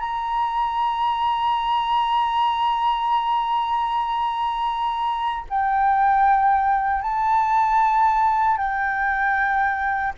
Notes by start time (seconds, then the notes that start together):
0.00 A#5
5.50 G5
7.02 A5
8.57 G5